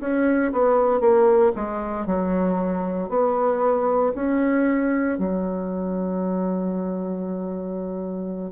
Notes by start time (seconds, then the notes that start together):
0.00 C#4
0.52 B3
1.00 A#3
1.55 G#3
2.06 F#3
3.09 B3
4.15 C#4
5.18 F#3